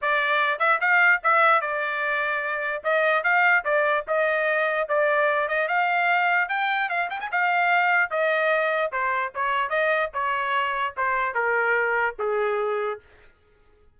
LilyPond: \new Staff \with { instrumentName = "trumpet" } { \time 4/4 \tempo 4 = 148 d''4. e''8 f''4 e''4 | d''2. dis''4 | f''4 d''4 dis''2 | d''4. dis''8 f''2 |
g''4 f''8 g''16 gis''16 f''2 | dis''2 c''4 cis''4 | dis''4 cis''2 c''4 | ais'2 gis'2 | }